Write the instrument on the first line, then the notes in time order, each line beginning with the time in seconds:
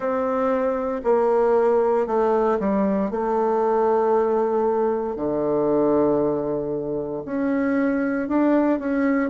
bassoon
0.00 C4
1.03 A#3
2.06 A3
2.59 G3
3.10 A3
5.16 D3
7.25 C#4
8.28 D4
8.79 C#4